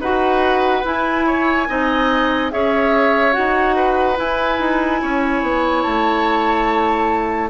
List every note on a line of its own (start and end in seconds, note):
0.00 0.83 D#4
0.00 0.84 F#4
0.00 1.26 B4
0.00 0.86 F#5
0.84 1.67 E4
0.84 1.68 E4
0.84 2.52 G#5
1.27 1.68 C#5
1.69 2.53 C4
1.69 2.51 D#4
1.69 2.53 D#5
2.51 3.37 C#4
2.51 3.33 G#4
2.51 3.76 C#5
2.51 3.34 E5
3.33 4.19 D#4
3.33 4.16 F#4
3.33 4.17 F#5
3.76 5.01 B4
4.16 7.49 E4
4.16 4.60 E4
4.16 5.83 G#5
4.60 5.02 D#4
5.02 5.43 C#4
5.02 7.50 C#5
5.43 5.84 B3
5.83 7.50 A3
5.83 7.49 A5